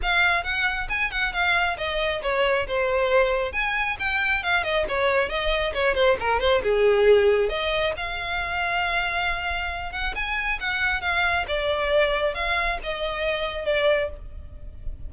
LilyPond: \new Staff \with { instrumentName = "violin" } { \time 4/4 \tempo 4 = 136 f''4 fis''4 gis''8 fis''8 f''4 | dis''4 cis''4 c''2 | gis''4 g''4 f''8 dis''8 cis''4 | dis''4 cis''8 c''8 ais'8 c''8 gis'4~ |
gis'4 dis''4 f''2~ | f''2~ f''8 fis''8 gis''4 | fis''4 f''4 d''2 | f''4 dis''2 d''4 | }